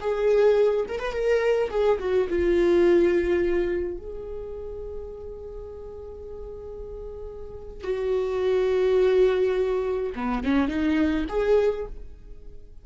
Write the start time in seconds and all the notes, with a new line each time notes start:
0.00 G#4
0.88 A#4
0.99 B4
1.12 A#4
1.70 G#4
1.99 F#4
2.29 F4
3.97 G#4
7.83 F#4
10.15 B3
10.43 C#4
10.68 D#4
11.29 G#4